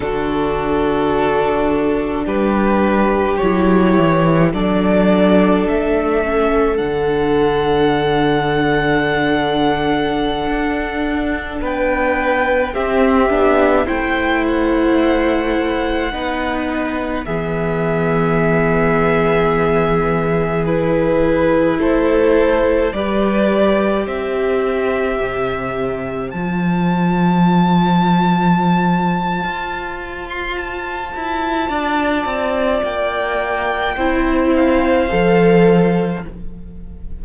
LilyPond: <<
  \new Staff \with { instrumentName = "violin" } { \time 4/4 \tempo 4 = 53 a'2 b'4 cis''4 | d''4 e''4 fis''2~ | fis''2~ fis''16 g''4 e''8.~ | e''16 g''8 fis''2~ fis''8 e''8.~ |
e''2~ e''16 b'4 c''8.~ | c''16 d''4 e''2 a''8.~ | a''2~ a''8. c'''16 a''4~ | a''4 g''4. f''4. | }
  \new Staff \with { instrumentName = "violin" } { \time 4/4 fis'2 g'2 | a'1~ | a'2~ a'16 b'4 g'8.~ | g'16 c''2 b'4 gis'8.~ |
gis'2.~ gis'16 a'8.~ | a'16 b'4 c''2~ c''8.~ | c''1 | d''2 c''2 | }
  \new Staff \with { instrumentName = "viola" } { \time 4/4 d'2. e'4 | d'4. cis'8 d'2~ | d'2.~ d'16 c'8 d'16~ | d'16 e'2 dis'4 b8.~ |
b2~ b16 e'4.~ e'16~ | e'16 g'2. f'8.~ | f'1~ | f'2 e'4 a'4 | }
  \new Staff \with { instrumentName = "cello" } { \time 4/4 d2 g4 fis8 e8 | fis4 a4 d2~ | d4~ d16 d'4 b4 c'8 b16~ | b16 a2 b4 e8.~ |
e2.~ e16 a8.~ | a16 g4 c'4 c4 f8.~ | f2 f'4. e'8 | d'8 c'8 ais4 c'4 f4 | }
>>